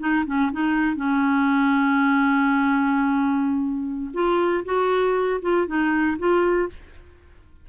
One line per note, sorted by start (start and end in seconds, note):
0.00 0.25 D#4
0.26 0.51 C#4
0.52 0.96 D#4
0.96 4.11 C#4
4.14 4.64 F4
4.65 5.41 F#4
5.42 5.67 F4
5.67 6.17 D#4
6.19 6.69 F4